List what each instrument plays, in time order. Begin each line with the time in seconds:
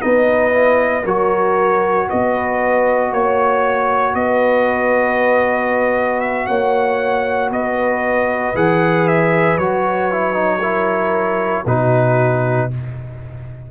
0.00 tuba B3, trombone D#4, horn B4, trumpet D#5
0.51 trombone E4
1.03 tuba F#3, trombone F#4, horn A#4, trumpet C#5
2.09 tuba B3, horn B4, trumpet D#5
3.11 tuba A#3, trumpet C#5, horn C#5
4.14 tuba B3, horn B4, trumpet D#5
6.20 trumpet E5
6.46 tuba A#3, horn C#5, trumpet F#5
7.50 tuba B3, horn B4, trumpet D#5
8.54 tuba E3, trombone G#4, trumpet F#5
9.07 trumpet E5
9.57 tuba F#3, trombone F#4, trumpet C#5
10.11 trombone E4
10.33 trombone D#4
10.59 trombone E4, horn A#4
11.66 tuba B2, trombone D#4, horn F#4, trumpet B4